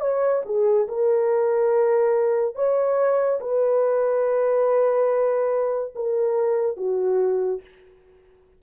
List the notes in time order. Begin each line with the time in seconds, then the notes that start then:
0.00 C#5
0.45 G#4
0.88 A#4
2.55 C#5
3.40 B4
5.95 A#4
6.76 F#4